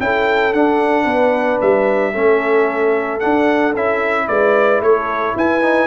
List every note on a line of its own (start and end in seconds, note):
0.00 0.53 C#4
0.00 0.53 E4
0.00 1.04 A4
0.00 0.53 G5
0.53 2.13 D4
0.53 1.05 D4
0.53 1.60 F#5
1.04 1.58 B3
1.04 2.11 B4
1.61 2.15 G3
1.61 3.20 E5
2.12 3.22 A3
2.12 3.20 C#4
2.12 4.26 A4
3.20 3.74 D4
3.20 3.75 D4
3.20 3.73 F#5
3.75 4.28 C#4
3.75 5.62 E4
3.75 4.28 E5
4.28 4.81 G#3
4.28 4.82 B4
4.28 4.81 D5
4.81 5.34 A3
4.81 5.36 A4
4.81 5.36 C#5
5.36 5.87 E4
5.36 5.87 B4
5.36 5.87 G#5
5.62 5.87 D#4